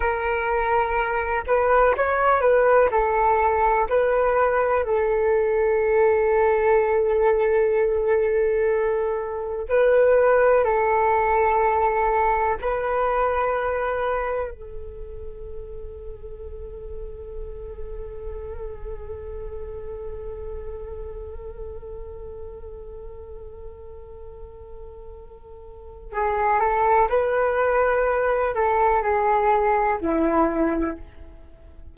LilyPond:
\new Staff \with { instrumentName = "flute" } { \time 4/4 \tempo 4 = 62 ais'4. b'8 cis''8 b'8 a'4 | b'4 a'2.~ | a'2 b'4 a'4~ | a'4 b'2 a'4~ |
a'1~ | a'1~ | a'2. gis'8 a'8 | b'4. a'8 gis'4 e'4 | }